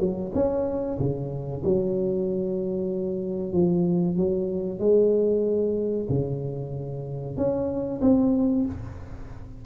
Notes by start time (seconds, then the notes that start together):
0.00 F#3
0.35 C#4
0.99 C#3
1.65 F#3
3.53 F3
4.18 F#3
4.80 G#3
6.10 C#3
7.37 C#4
8.02 C4